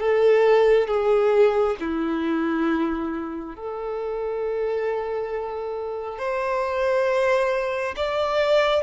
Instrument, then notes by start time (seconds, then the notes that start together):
violin
0.00 A4
0.87 G#4
1.80 E4
3.55 A4
6.18 C5
7.96 D5